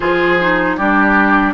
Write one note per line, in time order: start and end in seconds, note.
0.00 0.78 F3
0.00 0.39 F4
0.00 0.76 G#4
0.00 0.76 C5
0.40 0.78 D#4
0.76 1.54 G3
0.76 1.54 D4
0.76 1.54 G4
0.76 1.54 D5